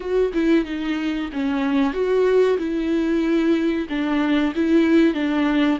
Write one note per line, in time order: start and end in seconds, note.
0.00 0.32 F#4
0.33 0.65 E4
0.65 1.29 D#4
1.32 1.93 C#4
1.93 2.57 F#4
2.58 3.87 E4
3.89 4.53 D4
4.55 5.13 E4
5.13 5.78 D4